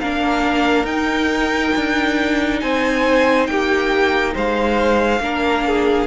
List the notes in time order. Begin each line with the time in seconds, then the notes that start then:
0.00 A#3 D4 A#4 F5
0.84 D#4 G5
1.76 D4
2.60 C4 C5 G#5
3.47 A#3 G4 G5
4.34 G#3 C5 F5
5.20 A#3 D4 A#4
5.67 G#4